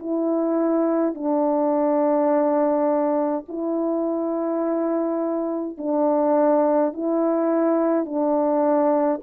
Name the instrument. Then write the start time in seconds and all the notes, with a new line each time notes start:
horn
0.00 E4
1.14 D4
3.49 E4
5.78 D4
6.93 E4
8.05 D4